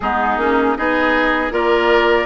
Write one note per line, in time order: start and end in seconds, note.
0.00 0.37 G#3
0.00 0.39 B3
0.00 0.78 D#4
0.00 0.76 G#4
0.37 0.75 A#3
0.37 0.76 C#4
0.76 1.51 B3
0.76 1.50 D#4
0.76 1.52 G#4
0.76 1.52 D#5
1.50 2.25 A#3
1.50 2.25 F4
1.50 2.25 A#4
1.50 2.25 D5